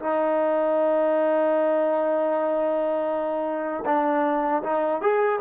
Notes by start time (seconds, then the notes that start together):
0.00 D#4
3.86 D4
4.63 D#4
5.02 G#4